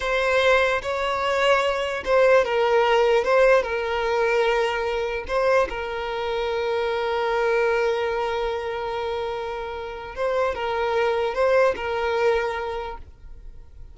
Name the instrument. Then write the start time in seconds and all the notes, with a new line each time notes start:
violin
0.00 C5
0.81 C#5
2.04 C5
2.44 A#4
3.24 C5
3.62 A#4
5.27 C5
5.69 A#4
10.15 C5
10.54 A#4
11.34 C5
11.76 A#4